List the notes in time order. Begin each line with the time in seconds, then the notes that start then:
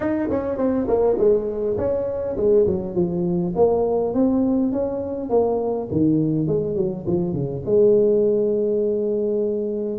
0.00 D#4
0.30 C#4
0.57 C4
0.87 A#3
1.18 G#3
1.77 C#4
2.36 G#3
2.66 F#3
2.94 F3
3.55 A#3
4.14 C4
4.72 C#4
5.29 A#3
5.91 D#3
6.47 G#3
6.75 F#3
7.06 F3
7.33 C#3
7.65 G#3